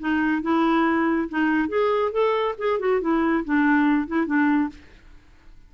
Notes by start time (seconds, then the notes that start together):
0.00 D#4
0.43 E4
1.29 D#4
1.69 G#4
2.12 A4
2.59 G#4
2.80 F#4
3.01 E4
3.45 D4
4.08 E4
4.27 D4